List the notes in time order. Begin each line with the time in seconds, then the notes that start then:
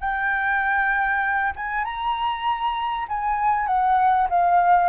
0.00 G5
1.56 G#5
1.85 A#5
3.09 G#5
3.67 F#5
4.30 F5